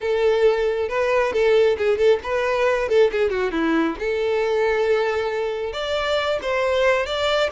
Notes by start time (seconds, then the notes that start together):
0.00 A4
0.88 B4
1.32 A4
1.77 G#4
1.97 A4
2.23 B4
2.88 A4
3.11 G#4
3.30 F#4
3.51 E4
3.99 A4
5.73 D5
6.42 C5
7.05 D5